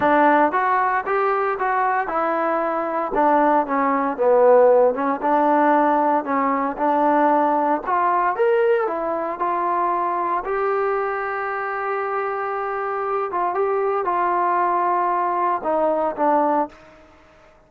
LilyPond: \new Staff \with { instrumentName = "trombone" } { \time 4/4 \tempo 4 = 115 d'4 fis'4 g'4 fis'4 | e'2 d'4 cis'4 | b4. cis'8 d'2 | cis'4 d'2 f'4 |
ais'4 e'4 f'2 | g'1~ | g'4. f'8 g'4 f'4~ | f'2 dis'4 d'4 | }